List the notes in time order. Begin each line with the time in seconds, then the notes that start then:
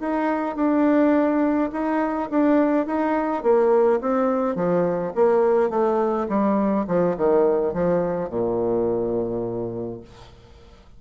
0.00 D#4
0.56 D4
1.72 D#4
2.30 D4
2.86 D#4
3.43 A#3
4.01 C4
4.55 F3
5.15 A#3
5.70 A3
6.29 G3
6.88 F3
7.17 D#3
7.73 F3
8.29 A#2